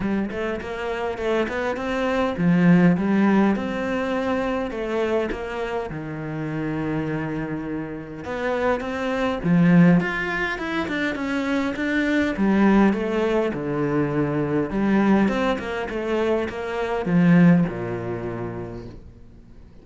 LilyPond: \new Staff \with { instrumentName = "cello" } { \time 4/4 \tempo 4 = 102 g8 a8 ais4 a8 b8 c'4 | f4 g4 c'2 | a4 ais4 dis2~ | dis2 b4 c'4 |
f4 f'4 e'8 d'8 cis'4 | d'4 g4 a4 d4~ | d4 g4 c'8 ais8 a4 | ais4 f4 ais,2 | }